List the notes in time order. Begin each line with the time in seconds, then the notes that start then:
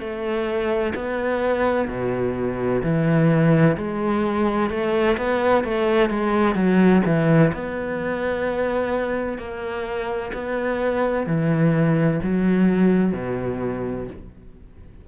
0.00 A3
0.95 B3
1.88 B2
2.83 E3
3.77 G#3
4.70 A3
5.17 B3
5.64 A3
6.10 G#3
6.55 F#3
7.06 E3
7.53 B3
9.38 A#3
10.33 B3
11.27 E3
12.23 F#3
13.13 B2